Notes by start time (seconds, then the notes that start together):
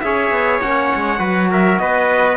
0.00 C#4 G#4 C#5 E5
0.30 B3
0.62 A#3 C#4 F#5
0.95 G#3
1.18 F#3 F#4 B4
1.51 A#4 E5
1.78 B3 B4 D#5